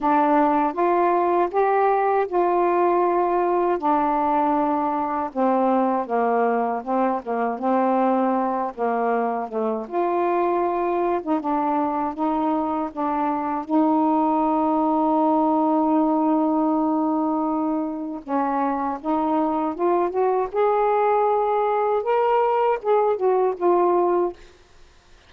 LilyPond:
\new Staff \with { instrumentName = "saxophone" } { \time 4/4 \tempo 4 = 79 d'4 f'4 g'4 f'4~ | f'4 d'2 c'4 | ais4 c'8 ais8 c'4. ais8~ | ais8 a8 f'4.~ f'16 dis'16 d'4 |
dis'4 d'4 dis'2~ | dis'1 | cis'4 dis'4 f'8 fis'8 gis'4~ | gis'4 ais'4 gis'8 fis'8 f'4 | }